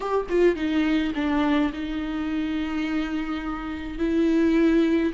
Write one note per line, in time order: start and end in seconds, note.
0.00 0.26 G4
0.29 0.55 F4
0.55 1.12 D#4
1.15 1.72 D4
1.73 3.98 D#4
3.98 5.12 E4